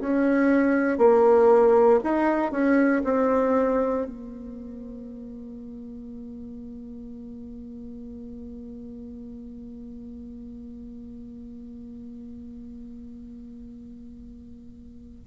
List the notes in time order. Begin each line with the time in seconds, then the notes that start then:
0.00 C#4
0.98 A#3
2.03 D#4
2.51 C#4
3.04 C4
4.06 A#3